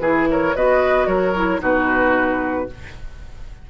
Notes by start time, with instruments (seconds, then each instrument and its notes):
0.00 bassoon E3, clarinet E4, oboe G#4, flute B4
0.31 oboe A#4, flute C#5
0.55 bassoon B3, clarinet F#4, oboe B4, flute D#5
1.07 bassoon F#3, oboe A#4, flute C#5
1.35 clarinet E4
1.60 bassoon B2, clarinet D#4, oboe F#4, flute B4